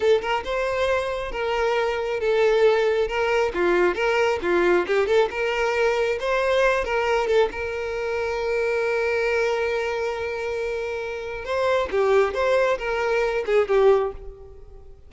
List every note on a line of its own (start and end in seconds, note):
0.00 0.21 A4
0.21 0.43 A#4
0.44 1.31 C5
1.31 2.19 A#4
2.20 3.08 A4
3.08 3.52 A#4
3.53 3.95 F4
3.95 4.39 A#4
4.41 4.85 F4
4.86 5.06 G4
5.06 5.28 A4
5.30 6.18 A#4
6.20 6.84 C5
6.84 7.27 A#4
7.27 7.49 A4
7.51 11.44 A#4
11.44 11.89 C5
11.91 12.34 G4
12.34 12.78 C5
12.78 13.44 A#4
13.46 13.68 G#4
13.68 14.12 G4